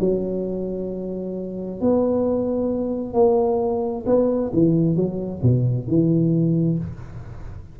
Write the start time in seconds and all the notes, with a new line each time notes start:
0.00 F#3
1.80 B3
3.14 A#3
4.06 B3
4.53 E3
4.96 F#3
5.42 B2
5.87 E3